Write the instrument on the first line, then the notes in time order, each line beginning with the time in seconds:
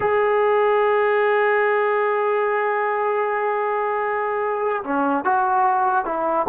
trombone
0.00 G#4
4.83 C#4
5.24 F#4
6.05 E4